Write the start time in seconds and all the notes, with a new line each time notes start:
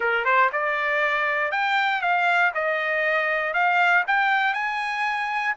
0.00 A#4
0.25 C5
0.52 D5
1.51 G5
2.01 F5
2.54 D#5
3.53 F5
4.07 G5
4.53 G#5